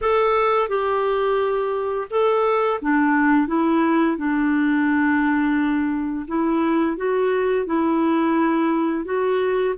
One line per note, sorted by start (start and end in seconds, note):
0.01 0.68 A4
0.68 2.08 G4
2.10 2.80 A4
2.81 3.47 D4
3.47 4.17 E4
4.17 6.26 D4
6.27 6.96 E4
6.96 7.66 F#4
7.66 9.04 E4
9.04 9.74 F#4